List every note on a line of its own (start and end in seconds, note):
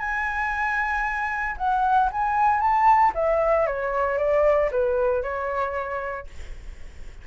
0.00 1.57 G#5
1.58 2.10 F#5
2.12 2.61 G#5
2.61 3.13 A5
3.15 3.67 E5
3.67 4.19 C#5
4.19 4.71 D5
4.72 5.23 B4
5.23 6.28 C#5